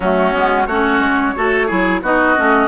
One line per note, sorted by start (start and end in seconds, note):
0.00 0.33 F#3
0.00 0.32 A3
0.00 0.67 C#4
0.00 0.66 F#4
0.32 0.67 G#3
0.32 0.66 B3
0.66 0.99 A3
0.66 1.35 C#4
0.66 1.35 F#4
0.66 2.01 C#5
0.99 1.33 G#3
1.35 1.71 A3
1.35 1.68 F#4
1.35 1.67 A4
1.67 2.02 F#3
1.67 2.01 E4
1.67 2.00 G#4
2.02 2.35 B3
2.02 2.36 D#4
2.02 2.68 F#4
2.02 2.68 D#5
2.36 2.68 A3
2.36 2.68 C#4